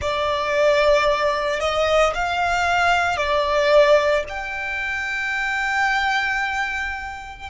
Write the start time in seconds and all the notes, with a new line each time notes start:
0.00 D5
1.60 D#5
2.14 F5
3.17 D5
4.29 G5